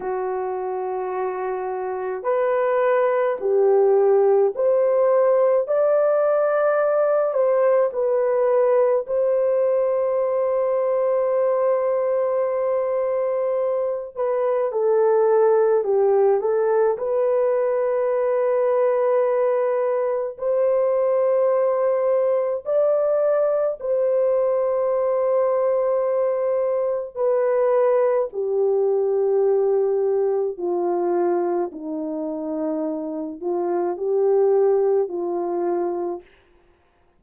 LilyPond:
\new Staff \with { instrumentName = "horn" } { \time 4/4 \tempo 4 = 53 fis'2 b'4 g'4 | c''4 d''4. c''8 b'4 | c''1~ | c''8 b'8 a'4 g'8 a'8 b'4~ |
b'2 c''2 | d''4 c''2. | b'4 g'2 f'4 | dis'4. f'8 g'4 f'4 | }